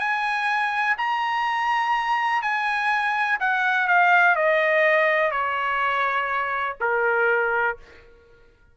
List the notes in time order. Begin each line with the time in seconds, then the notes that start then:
0.00 G#5
0.98 A#5
2.42 G#5
3.40 F#5
3.88 F5
4.36 D#5
5.32 C#5
6.81 A#4